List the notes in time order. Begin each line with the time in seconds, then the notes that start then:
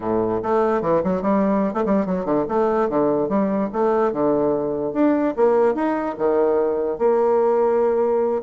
0.00 A2
0.42 A3
0.81 E3
1.03 F#3
1.22 G3
1.73 A3
1.85 G3
2.05 F#3
2.25 D3
2.48 A3
2.89 D3
3.28 G3
3.72 A3
4.12 D3
4.93 D4
5.36 A#3
5.74 D#4
6.18 D#3
6.98 A#3